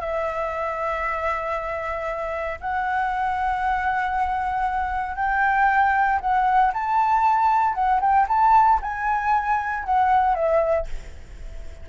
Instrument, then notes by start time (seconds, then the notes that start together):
flute
0.00 E5
2.60 F#5
5.16 G5
6.20 F#5
6.73 A5
7.74 F#5
8.00 G5
8.28 A5
8.82 G#5
9.84 F#5
10.34 E5